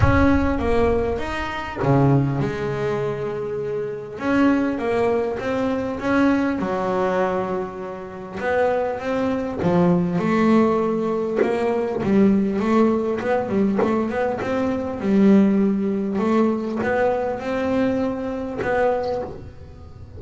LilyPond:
\new Staff \with { instrumentName = "double bass" } { \time 4/4 \tempo 4 = 100 cis'4 ais4 dis'4 cis4 | gis2. cis'4 | ais4 c'4 cis'4 fis4~ | fis2 b4 c'4 |
f4 a2 ais4 | g4 a4 b8 g8 a8 b8 | c'4 g2 a4 | b4 c'2 b4 | }